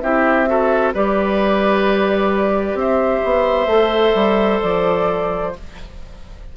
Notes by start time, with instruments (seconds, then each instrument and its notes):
0.00 bassoon C4, clarinet E4, oboe G4, flute E5
0.47 clarinet F#4, oboe A4
0.94 bassoon G3, clarinet G4, oboe B4, flute D5
2.74 bassoon C4, oboe C5, flute E5
3.24 bassoon B3
3.66 bassoon A3, clarinet A4
4.14 bassoon G3
4.60 bassoon F3, flute D5